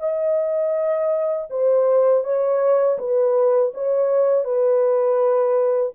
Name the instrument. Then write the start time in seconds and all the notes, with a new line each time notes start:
horn
0.00 D#5
1.51 C5
2.24 C#5
2.99 B4
3.74 C#5
4.45 B4